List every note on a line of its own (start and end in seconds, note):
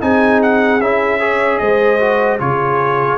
0.00 0.80 C4
0.00 0.80 D#4
0.00 1.20 G#4
0.00 0.41 G#5
0.42 0.81 F#5
0.80 1.60 C#4
0.80 1.20 E4
0.80 1.58 E5
1.20 2.00 G#4
1.20 1.60 C#5
1.58 2.40 G#3
1.58 2.41 C5
1.58 2.38 D#5
2.00 2.39 F#4
2.39 3.17 C#3
2.39 3.17 F4
2.39 3.17 G#4
2.39 3.17 C#5